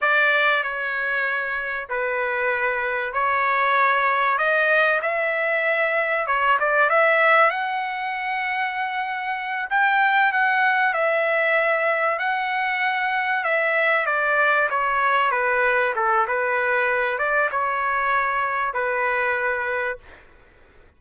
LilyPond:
\new Staff \with { instrumentName = "trumpet" } { \time 4/4 \tempo 4 = 96 d''4 cis''2 b'4~ | b'4 cis''2 dis''4 | e''2 cis''8 d''8 e''4 | fis''2.~ fis''8 g''8~ |
g''8 fis''4 e''2 fis''8~ | fis''4. e''4 d''4 cis''8~ | cis''8 b'4 a'8 b'4. d''8 | cis''2 b'2 | }